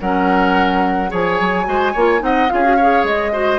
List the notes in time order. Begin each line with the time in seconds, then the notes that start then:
0.00 F#3 C#4 A#4 F#5
1.09 F3 G#4 C#5 G#5
1.41 F#3
1.66 G#3 F#4 C5
1.93 A#3 F4 C#5
2.20 C4 D#4 D#5 F#5
2.50 C#4 F4 G#4 F5
2.64 F#4
2.77 G#4 C#5
3.04 G#3 D#5
3.33 F#4 C5